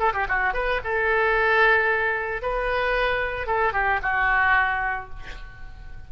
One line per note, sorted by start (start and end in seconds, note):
0.00 0.13 A4
0.14 0.27 G4
0.29 0.54 F#4
0.54 0.81 B4
0.84 2.43 A4
2.43 3.47 B4
3.47 3.73 A4
3.73 4.00 G4
4.03 5.10 F#4